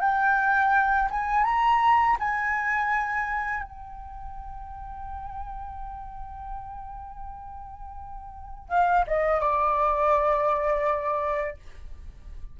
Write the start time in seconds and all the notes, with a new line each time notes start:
0.00 G5
1.10 G#5
1.44 A#5
2.19 G#5
3.63 G5
8.68 F5
9.07 D#5
9.40 D5